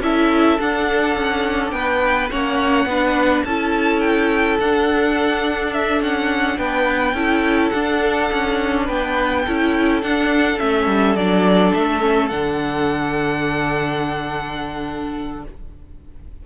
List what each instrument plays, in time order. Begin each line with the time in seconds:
0.00 cello C#4, viola E4, violin A4 E5
0.59 viola D4, cello D4, violin F#5
1.17 cello C#4
1.72 cello B3, violin B4 G5
2.31 cello A#3, viola C#4, violin C#5 F#5
2.86 cello B3, viola D4, violin B4
3.45 cello C#4, viola E4, violin A4 A5
4.01 violin G5
4.60 cello D4, viola D4, violin F#5
5.74 violin E5
6.01 cello C#4, violin F#5
6.59 cello B3, violin B4 G5
7.14 cello C#4, viola E4, violin A4
7.70 cello D4, viola D4, violin F#5
8.32 cello C#4
8.85 cello B3, violin B4 G5
9.46 cello C#4, viola E4, violin A4
10.03 cello D4, viola D4, violin F#5
10.59 cello A3, viola C#4, violin E5
10.87 cello G3
11.16 cello F#3, viola D4, violin D5
11.74 cello A3, violin E5
12.01 viola C#4
12.29 cello D3, viola D4, violin F#5